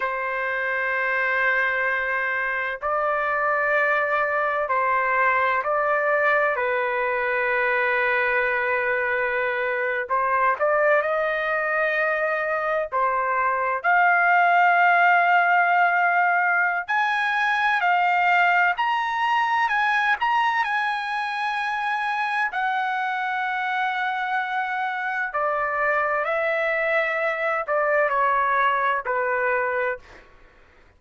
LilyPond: \new Staff \with { instrumentName = "trumpet" } { \time 4/4 \tempo 4 = 64 c''2. d''4~ | d''4 c''4 d''4 b'4~ | b'2~ b'8. c''8 d''8 dis''16~ | dis''4.~ dis''16 c''4 f''4~ f''16~ |
f''2 gis''4 f''4 | ais''4 gis''8 ais''8 gis''2 | fis''2. d''4 | e''4. d''8 cis''4 b'4 | }